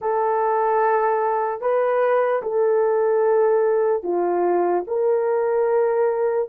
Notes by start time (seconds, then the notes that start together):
0.01 A4
1.61 B4
2.42 A4
4.03 F4
4.87 A#4